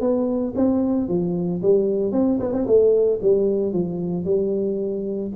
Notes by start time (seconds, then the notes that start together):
0.00 B3
0.55 C4
1.08 F3
1.61 G3
2.12 C4
2.40 B3
2.52 C4
2.66 A3
3.21 G3
3.73 F3
4.25 G3